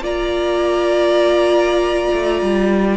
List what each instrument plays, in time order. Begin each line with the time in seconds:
0.00 cello A#3, viola F4, violin D5 A#5
2.13 cello A3
2.42 cello G3